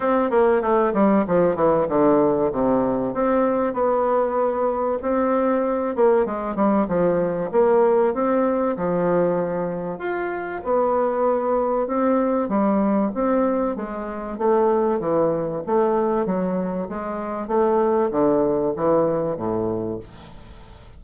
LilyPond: \new Staff \with { instrumentName = "bassoon" } { \time 4/4 \tempo 4 = 96 c'8 ais8 a8 g8 f8 e8 d4 | c4 c'4 b2 | c'4. ais8 gis8 g8 f4 | ais4 c'4 f2 |
f'4 b2 c'4 | g4 c'4 gis4 a4 | e4 a4 fis4 gis4 | a4 d4 e4 a,4 | }